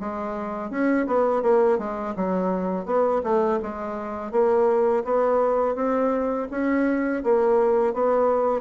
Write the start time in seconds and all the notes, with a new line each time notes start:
0.00 G#3
0.70 C#4
1.06 B3
1.42 A#3
1.78 G#3
2.16 F#3
2.86 B3
3.23 A3
3.62 G#3
4.31 A#3
5.04 B3
5.75 C4
6.51 C#4
7.24 A#3
7.94 B3